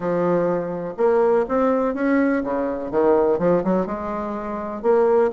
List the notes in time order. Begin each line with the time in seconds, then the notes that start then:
0.00 F3
0.97 A#3
1.48 C4
1.94 C#4
2.43 C#3
2.91 D#3
3.38 F3
3.64 F#3
3.86 G#3
4.82 A#3